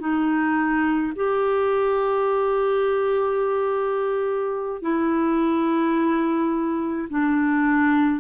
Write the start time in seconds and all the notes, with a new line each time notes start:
0.00 D#4
1.15 G4
4.82 E4
7.10 D4